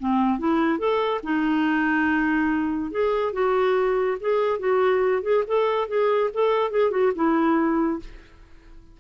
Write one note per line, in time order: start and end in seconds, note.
0.00 0.39 C4
0.39 0.79 E4
0.79 1.21 A4
1.23 2.92 D#4
2.92 3.33 G#4
3.33 4.18 F#4
4.21 4.60 G#4
4.60 5.23 F#4
5.23 5.44 G#4
5.48 5.88 A4
5.88 6.31 G#4
6.34 6.71 A4
6.71 6.91 G#4
6.91 7.12 F#4
7.16 8.00 E4